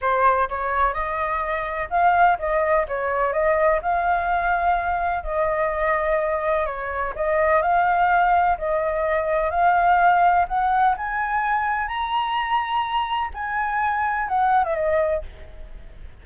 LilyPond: \new Staff \with { instrumentName = "flute" } { \time 4/4 \tempo 4 = 126 c''4 cis''4 dis''2 | f''4 dis''4 cis''4 dis''4 | f''2. dis''4~ | dis''2 cis''4 dis''4 |
f''2 dis''2 | f''2 fis''4 gis''4~ | gis''4 ais''2. | gis''2 fis''8. e''16 dis''4 | }